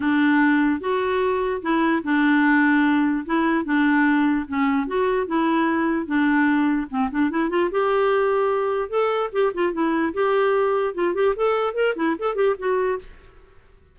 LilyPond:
\new Staff \with { instrumentName = "clarinet" } { \time 4/4 \tempo 4 = 148 d'2 fis'2 | e'4 d'2. | e'4 d'2 cis'4 | fis'4 e'2 d'4~ |
d'4 c'8 d'8 e'8 f'8 g'4~ | g'2 a'4 g'8 f'8 | e'4 g'2 f'8 g'8 | a'4 ais'8 e'8 a'8 g'8 fis'4 | }